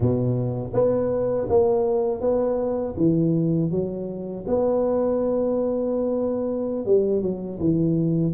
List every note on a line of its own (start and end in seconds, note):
0.00 0.72 B2
0.73 1.47 B3
1.49 2.21 A#3
2.21 2.95 B3
2.97 3.70 E3
3.70 4.44 F#3
4.46 6.85 B3
6.85 7.22 G3
7.22 7.59 F#3
7.59 8.33 E3